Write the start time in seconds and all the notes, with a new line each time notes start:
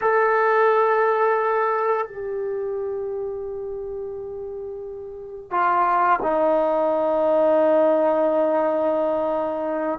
0.01 A4
2.06 G4
5.50 F4
6.22 D#4